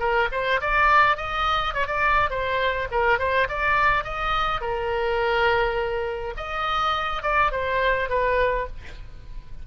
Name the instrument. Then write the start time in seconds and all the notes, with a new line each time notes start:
oboe
0.00 A#4
0.32 C5
0.61 D5
1.17 D#5
1.74 C#5
1.87 D5
2.30 C5
2.91 A#4
3.19 C5
3.49 D5
4.04 D#5
4.61 A#4
6.37 D#5
7.23 D5
7.52 C5
8.09 B4